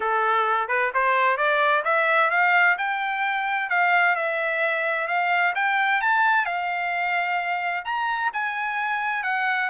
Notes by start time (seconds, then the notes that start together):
0.00 A4
0.68 B4
0.93 C5
1.37 D5
1.84 E5
2.30 F5
2.78 G5
3.69 F5
4.15 E5
5.07 F5
5.55 G5
6.01 A5
6.45 F5
7.84 A#5
8.33 G#5
9.23 F#5